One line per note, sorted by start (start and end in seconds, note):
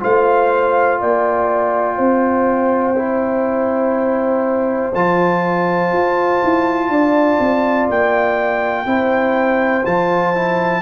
0.00 1.01 A3
0.00 2.95 F4
0.00 1.00 C5
0.00 1.01 F5
1.01 1.99 A#3
1.01 1.97 D5
1.01 4.94 G5
1.97 4.94 C4
1.97 6.88 C5
2.96 4.93 E4
4.94 5.93 F3
4.94 8.86 F4
4.94 7.90 A5
5.93 6.42 F4
6.44 6.89 E4
6.89 7.38 D4
6.89 8.86 D5
7.40 7.89 C4
7.90 8.86 A#3
7.90 9.86 G5
8.86 9.84 C4
8.86 9.84 E4
8.86 10.82 C5
9.86 10.82 F3
9.86 10.35 F4
9.86 10.82 A5
10.35 10.82 E4